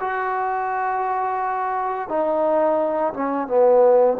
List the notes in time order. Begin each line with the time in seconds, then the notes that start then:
0.00 F#4
2.08 D#4
3.13 C#4
3.47 B3